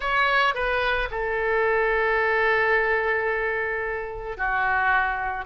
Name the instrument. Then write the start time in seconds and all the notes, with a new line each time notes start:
oboe
0.00 C#5
0.54 B4
1.11 A4
4.37 F#4